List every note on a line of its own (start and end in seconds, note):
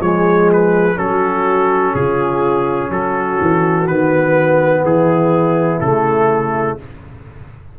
0.00 0.97 F3
0.00 0.95 G#3
0.00 0.98 G#4
0.00 0.50 C#5
0.52 0.98 B4
0.95 1.94 F#3
0.95 3.85 C#4
0.95 1.95 F#4
0.95 1.95 A4
1.95 2.90 C#3
1.95 2.91 F4
1.95 2.91 G#4
2.90 3.38 F#3
2.90 4.84 F#4
2.90 3.87 A4
3.41 3.87 E3
3.87 4.84 D#3
3.87 5.82 B3
3.87 4.84 B4
4.84 5.80 E3
4.84 6.78 E4
4.84 5.80 G#4
5.80 6.78 C#3
5.80 6.79 A3
5.80 6.77 A4